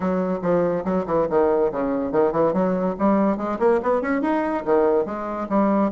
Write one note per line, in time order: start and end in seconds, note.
0.00 0.39 F#3
0.41 0.84 F3
0.84 1.05 F#3
1.06 1.27 E3
1.29 1.71 D#3
1.72 2.11 C#3
2.11 2.32 D#3
2.32 2.53 E3
2.53 2.95 F#3
2.98 3.37 G3
3.37 3.58 G#3
3.59 3.80 A#3
3.82 4.01 B3
4.01 4.21 C#4
4.21 4.63 D#4
4.65 5.05 D#3
5.05 5.47 G#3
5.49 5.91 G3